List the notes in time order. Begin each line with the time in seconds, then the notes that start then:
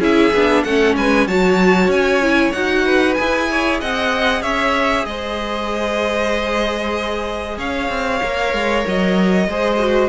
0.00 C#4 E4 G#4 E5
0.33 B3 D4
0.63 A3 C#4 A4 F#5
0.96 G#3 B4 G#5
1.27 F#3 F#4 C#5 A5
1.88 C#4 G#5
2.22 E4
2.52 D#4 F#4 F#5
2.85 B4
3.14 G#4 G#5
3.20 E4
3.51 C#5
3.81 C4 D#5 F#5
4.42 C#4 C#5 E5
5.05 G#3 C5 D#5
7.57 C#4 C#5 F5
7.89 C4
8.23 A#3 A#4
8.53 G#3
8.87 F#3 D#5
9.48 G#3 G#4 C5
9.79 F#4